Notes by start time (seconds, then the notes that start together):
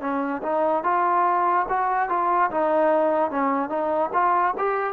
0.00 C#4
0.42 D#4
0.84 F4
1.68 F#4
2.09 F4
2.51 D#4
3.31 C#4
3.69 D#4
4.13 F4
4.58 G4